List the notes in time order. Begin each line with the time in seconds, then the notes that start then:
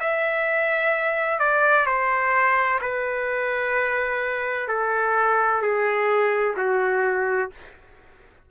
0.00 E5
1.39 D5
1.86 C5
2.81 B4
4.68 A4
5.62 G#4
6.57 F#4